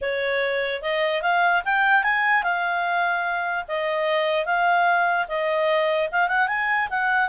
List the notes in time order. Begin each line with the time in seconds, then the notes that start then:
0.01 C#5
0.82 D#5
1.22 F5
1.64 G5
2.03 G#5
2.43 F5
3.68 D#5
4.45 F5
5.28 D#5
6.11 F5
6.28 F#5
6.47 G#5
6.90 F#5